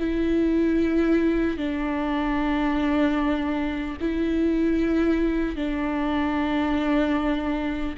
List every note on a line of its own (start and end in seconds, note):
0.00 1.58 E4
1.58 3.98 D4
4.01 5.56 E4
5.56 7.96 D4